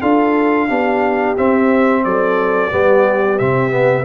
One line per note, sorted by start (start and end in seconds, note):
0.00 0.70 D4
0.00 0.69 F4
0.00 0.67 A4
0.00 1.36 F5
0.68 1.37 B3
0.68 1.36 D4
0.68 2.03 G4
1.37 2.04 C4
1.37 2.71 C4
1.37 2.04 E5
2.04 2.72 F#3
2.04 2.71 A4
2.04 3.38 D5
2.71 3.40 G3
2.71 3.38 B3
2.71 4.04 G4
3.38 4.04 C3
3.38 3.70 C4
3.38 4.04 E5
3.70 4.04 B3